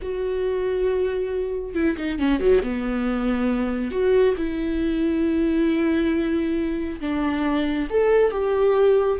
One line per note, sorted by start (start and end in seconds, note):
0.01 1.74 F#4
1.74 1.96 E4
1.96 2.18 D#4
2.19 2.39 C#4
2.39 2.61 F#3
2.62 3.91 B3
3.91 4.35 F#4
4.37 7.00 E4
7.00 7.88 D4
7.90 8.31 A4
8.31 9.19 G4